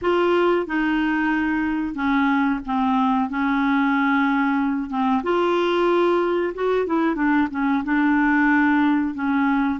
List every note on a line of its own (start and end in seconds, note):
0.01 0.66 F4
0.66 1.94 D#4
1.94 2.59 C#4
2.66 3.29 C4
3.29 4.89 C#4
4.89 5.22 C4
5.23 6.53 F4
6.54 6.86 F#4
6.86 7.15 E4
7.15 7.47 D4
7.50 7.83 C#4
7.83 9.14 D4
9.14 9.79 C#4